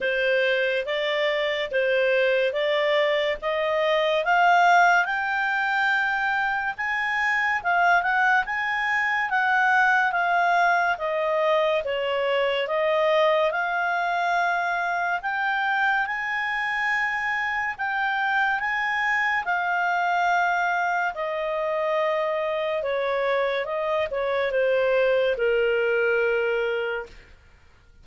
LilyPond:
\new Staff \with { instrumentName = "clarinet" } { \time 4/4 \tempo 4 = 71 c''4 d''4 c''4 d''4 | dis''4 f''4 g''2 | gis''4 f''8 fis''8 gis''4 fis''4 | f''4 dis''4 cis''4 dis''4 |
f''2 g''4 gis''4~ | gis''4 g''4 gis''4 f''4~ | f''4 dis''2 cis''4 | dis''8 cis''8 c''4 ais'2 | }